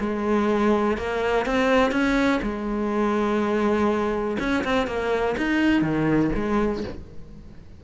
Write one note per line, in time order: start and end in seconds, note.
0.00 0.98 G#3
0.98 1.46 A#3
1.46 1.92 C4
1.92 2.40 C#4
2.42 4.37 G#3
4.40 4.64 C#4
4.65 4.87 C4
4.87 5.36 A#3
5.38 5.82 D#4
5.82 6.31 D#3
6.35 6.84 G#3